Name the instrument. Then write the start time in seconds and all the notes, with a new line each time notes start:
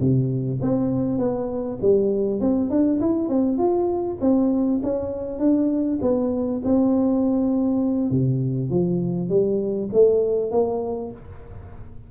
tuba
0.00 C3
0.62 C4
1.18 B3
1.81 G3
2.40 C4
2.70 D4
3.00 E4
3.29 C4
3.58 F4
4.21 C4
4.83 C#4
5.39 D4
6.02 B3
6.64 C4
8.10 C3
8.70 F3
9.29 G3
9.93 A3
10.51 A#3